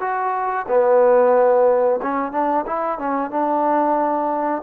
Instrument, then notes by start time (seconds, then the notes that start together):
trombone
0.00 F#4
0.68 B3
2.02 C#4
2.32 D4
2.66 E4
2.99 C#4
3.30 D4